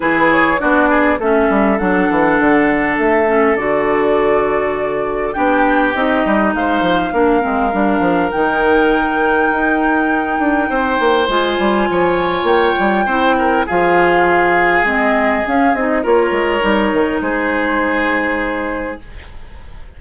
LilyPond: <<
  \new Staff \with { instrumentName = "flute" } { \time 4/4 \tempo 4 = 101 b'8 cis''8 d''4 e''4 fis''4~ | fis''4 e''4 d''2~ | d''4 g''4 dis''4 f''4~ | f''2 g''2~ |
g''2. gis''4~ | gis''4 g''2 f''4~ | f''4 dis''4 f''8 dis''8 cis''4~ | cis''4 c''2. | }
  \new Staff \with { instrumentName = "oboe" } { \time 4/4 gis'4 fis'8 gis'8 a'2~ | a'1~ | a'4 g'2 c''4 | ais'1~ |
ais'2 c''2 | cis''2 c''8 ais'8 gis'4~ | gis'2. ais'4~ | ais'4 gis'2. | }
  \new Staff \with { instrumentName = "clarinet" } { \time 4/4 e'4 d'4 cis'4 d'4~ | d'4. cis'8 fis'2~ | fis'4 d'4 dis'2 | d'8 c'8 d'4 dis'2~ |
dis'2. f'4~ | f'2 e'4 f'4~ | f'4 c'4 cis'8 dis'8 f'4 | dis'1 | }
  \new Staff \with { instrumentName = "bassoon" } { \time 4/4 e4 b4 a8 g8 fis8 e8 | d4 a4 d2~ | d4 b4 c'8 g8 gis8 f8 | ais8 gis8 g8 f8 dis2 |
dis'4. d'8 c'8 ais8 gis8 g8 | f4 ais8 g8 c'4 f4~ | f4 gis4 cis'8 c'8 ais8 gis8 | g8 dis8 gis2. | }
>>